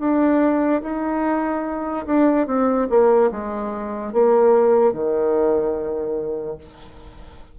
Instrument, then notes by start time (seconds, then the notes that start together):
bassoon
0.00 D4
0.83 D#4
2.07 D4
2.47 C4
2.90 A#3
3.32 G#3
4.14 A#3
4.94 D#3